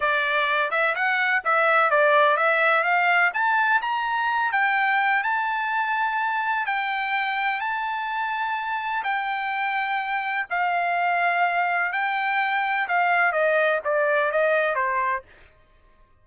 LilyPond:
\new Staff \with { instrumentName = "trumpet" } { \time 4/4 \tempo 4 = 126 d''4. e''8 fis''4 e''4 | d''4 e''4 f''4 a''4 | ais''4. g''4. a''4~ | a''2 g''2 |
a''2. g''4~ | g''2 f''2~ | f''4 g''2 f''4 | dis''4 d''4 dis''4 c''4 | }